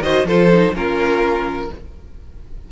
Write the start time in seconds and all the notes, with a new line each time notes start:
0.00 D#3 F#4 C5 D#5
0.24 F3 F4 A4 C5
0.52 D#4
0.74 A#3 C#4 F4 A#4